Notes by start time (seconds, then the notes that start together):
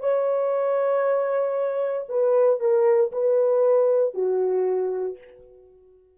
0.00 C#5
2.09 B4
2.60 A#4
3.12 B4
4.14 F#4